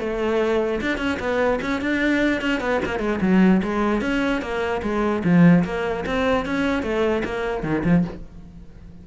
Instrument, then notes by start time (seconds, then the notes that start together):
cello
0.00 A3
0.81 D4
0.98 C#4
1.20 B3
1.62 C#4
1.82 D4
2.41 C#4
2.60 B3
2.85 A#3
2.99 G#3
3.22 F#3
3.63 G#3
4.02 C#4
4.42 A#3
4.83 G#3
5.24 F3
5.65 A#3
6.06 C4
6.46 C#4
6.83 A3
7.25 A#3
7.63 D#3
7.84 F3